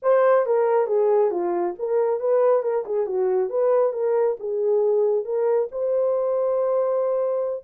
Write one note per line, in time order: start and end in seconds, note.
0.02 0.46 C5
0.46 0.86 A#4
0.86 1.30 G#4
1.30 1.74 F4
1.78 2.20 A#4
2.20 2.62 B4
2.62 2.84 A#4
2.85 3.06 G#4
3.06 3.49 F#4
3.49 3.92 B4
3.92 4.36 A#4
4.39 5.24 G#4
5.24 5.68 A#4
5.71 7.64 C5